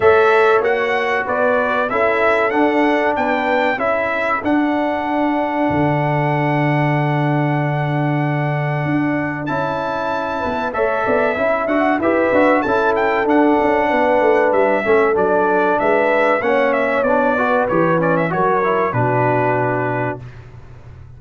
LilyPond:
<<
  \new Staff \with { instrumentName = "trumpet" } { \time 4/4 \tempo 4 = 95 e''4 fis''4 d''4 e''4 | fis''4 g''4 e''4 fis''4~ | fis''1~ | fis''2. a''4~ |
a''4 e''4. fis''8 e''4 | a''8 g''8 fis''2 e''4 | d''4 e''4 fis''8 e''8 d''4 | cis''8 d''16 e''16 cis''4 b'2 | }
  \new Staff \with { instrumentName = "horn" } { \time 4/4 cis''2 b'4 a'4~ | a'4 b'4 a'2~ | a'1~ | a'1~ |
a'8 b'8 cis''8 d''8 e''4 b'4 | a'2 b'4. a'8~ | a'4 b'4 cis''4. b'8~ | b'4 ais'4 fis'2 | }
  \new Staff \with { instrumentName = "trombone" } { \time 4/4 a'4 fis'2 e'4 | d'2 e'4 d'4~ | d'1~ | d'2. e'4~ |
e'4 a'4 e'8 fis'8 g'8 fis'8 | e'4 d'2~ d'8 cis'8 | d'2 cis'4 d'8 fis'8 | g'8 cis'8 fis'8 e'8 d'2 | }
  \new Staff \with { instrumentName = "tuba" } { \time 4/4 a4 ais4 b4 cis'4 | d'4 b4 cis'4 d'4~ | d'4 d2.~ | d2 d'4 cis'4~ |
cis'8 b8 a8 b8 cis'8 d'8 e'8 d'8 | cis'4 d'8 cis'8 b8 a8 g8 a8 | fis4 gis4 ais4 b4 | e4 fis4 b,2 | }
>>